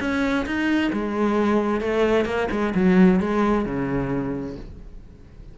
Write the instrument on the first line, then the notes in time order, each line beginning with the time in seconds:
cello
0.00 C#4
0.46 D#4
0.92 G#3
1.80 A3
2.25 A#3
2.51 G#3
2.74 F#3
3.20 G#3
3.65 C#3